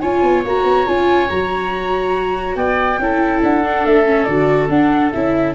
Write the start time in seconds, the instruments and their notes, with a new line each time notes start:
0.00 tuba C#4, viola F4, oboe C#5, flute G#5
0.23 tuba B3
0.45 tuba A#3, viola F#4, flute A#5
0.64 tuba B3
0.87 tuba C#4, viola F4, flute G#5
1.30 tuba F#3, viola F#4, flute A#5
2.56 tuba B3, oboe D5, flute G5
2.99 tuba C#4, viola E4, oboe A4
3.43 tuba D4, flute F#5
3.64 viola D4
3.85 tuba A3, flute E5
4.06 viola C#4
4.25 tuba D3, viola F#4, flute D5
4.69 tuba D4, viola D4, flute F#5
5.12 tuba C#4, viola E4, flute E5